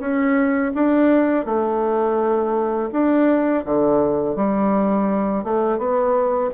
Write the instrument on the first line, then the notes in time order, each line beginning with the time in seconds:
bassoon
0.00 C#4
0.75 D4
1.46 A3
2.92 D4
3.65 D3
4.36 G3
5.44 A3
5.78 B3